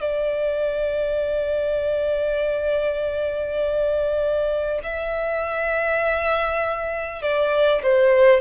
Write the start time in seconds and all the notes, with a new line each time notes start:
0.00 D5
4.83 E5
7.22 D5
7.83 C5